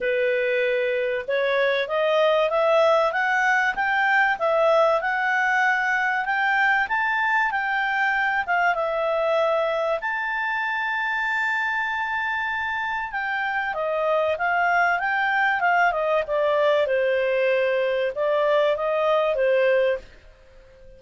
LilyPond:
\new Staff \with { instrumentName = "clarinet" } { \time 4/4 \tempo 4 = 96 b'2 cis''4 dis''4 | e''4 fis''4 g''4 e''4 | fis''2 g''4 a''4 | g''4. f''8 e''2 |
a''1~ | a''4 g''4 dis''4 f''4 | g''4 f''8 dis''8 d''4 c''4~ | c''4 d''4 dis''4 c''4 | }